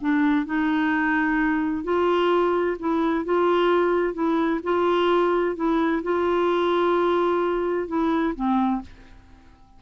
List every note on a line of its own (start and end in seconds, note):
0.00 0.45 D4
0.45 1.84 D#4
1.84 2.77 F4
2.79 3.25 E4
3.25 4.14 F4
4.14 4.60 E4
4.63 5.55 F4
5.55 6.02 E4
6.03 7.87 F4
7.87 8.34 E4
8.34 8.81 C4